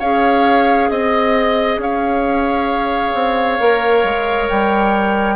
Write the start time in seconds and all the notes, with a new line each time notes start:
0.00 C#4 G#4 C#5 F5
0.90 C4 D#5
1.78 C#4 C#5 F5
3.14 C4
3.60 A#3 A#4
4.04 G#3
4.49 G3 G5